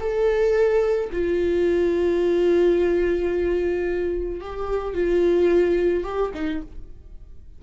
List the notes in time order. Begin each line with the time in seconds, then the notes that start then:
0.00 A4
1.12 F4
4.41 G4
4.94 F4
6.04 G4
6.35 D#4